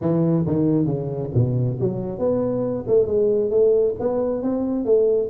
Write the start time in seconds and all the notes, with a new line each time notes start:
0.01 E3
0.46 D#3
0.85 C#3
1.34 B2
1.80 F#3
2.18 B3
2.87 A3
3.06 G#3
3.50 A3
3.99 B3
4.42 C4
4.85 A3